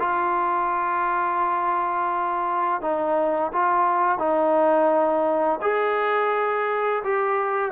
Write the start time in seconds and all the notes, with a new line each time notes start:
0.00 F4
2.82 D#4
3.53 F4
4.19 D#4
5.62 G#4
7.04 G4